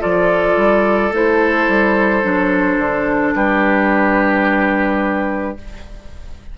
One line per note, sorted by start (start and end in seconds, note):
0.00 0.57 F3
0.00 1.11 F4
0.00 3.34 A4
0.00 1.13 D5
0.57 1.12 G3
1.12 1.67 A3
1.12 2.23 E4
1.12 3.35 C5
1.69 2.24 G3
2.23 2.78 F#3
2.23 5.57 D4
2.78 3.34 D3
3.35 5.58 G3
3.35 5.58 G4
3.35 5.58 B4